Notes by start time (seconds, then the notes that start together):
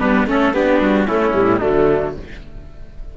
0.00 G3 B3 D4 B4
0.27 A3 C#4 A4
0.53 B3 D4 G4
0.81 G3 F#4
1.06 A3 C#4 E4
1.34 A2 G3
1.59 D3 F#3 A3 D4